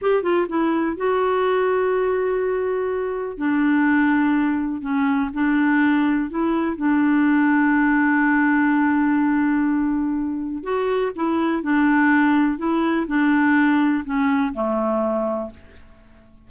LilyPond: \new Staff \with { instrumentName = "clarinet" } { \time 4/4 \tempo 4 = 124 g'8 f'8 e'4 fis'2~ | fis'2. d'4~ | d'2 cis'4 d'4~ | d'4 e'4 d'2~ |
d'1~ | d'2 fis'4 e'4 | d'2 e'4 d'4~ | d'4 cis'4 a2 | }